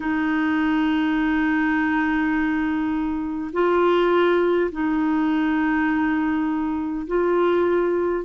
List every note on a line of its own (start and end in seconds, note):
0.00 3.51 D#4
3.52 4.70 F4
4.71 7.06 D#4
7.06 8.24 F4